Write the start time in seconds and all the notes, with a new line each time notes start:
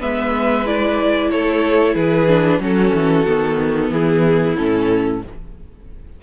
0.00 G#3 B3 B4 E5
0.66 E4 D5
1.31 A3 A4 C#5
1.95 E3 G#4 B4
2.29 D4
2.60 F#3 C#4 F#4 A4
2.94 E3
3.26 D#3 B3
3.91 E3 E4 G#4
4.57 A2 C#4 A4